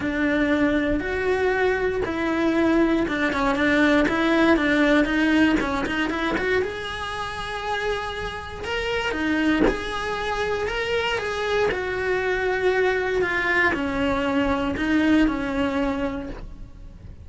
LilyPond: \new Staff \with { instrumentName = "cello" } { \time 4/4 \tempo 4 = 118 d'2 fis'2 | e'2 d'8 cis'8 d'4 | e'4 d'4 dis'4 cis'8 dis'8 | e'8 fis'8 gis'2.~ |
gis'4 ais'4 dis'4 gis'4~ | gis'4 ais'4 gis'4 fis'4~ | fis'2 f'4 cis'4~ | cis'4 dis'4 cis'2 | }